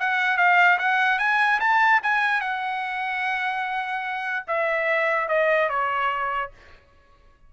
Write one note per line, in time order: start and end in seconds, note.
0.00 0.38 F#5
0.38 0.78 F5
0.79 1.19 F#5
1.19 1.60 G#5
1.61 2.01 A5
2.03 2.42 G#5
2.42 4.46 F#5
4.48 5.29 E5
5.29 5.70 D#5
5.70 6.51 C#5